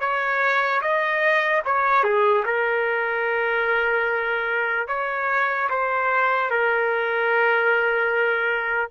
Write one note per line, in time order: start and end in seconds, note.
0.00 0.81 C#5
0.81 1.63 D#5
1.65 2.04 C#5
2.04 2.44 G#4
2.45 4.88 A#4
4.88 5.69 C#5
5.70 6.50 C5
6.50 8.91 A#4